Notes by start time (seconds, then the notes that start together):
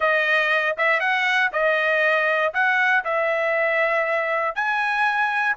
0.00 D#5
0.77 E5
0.99 F#5
1.52 D#5
2.53 F#5
3.04 E5
4.55 G#5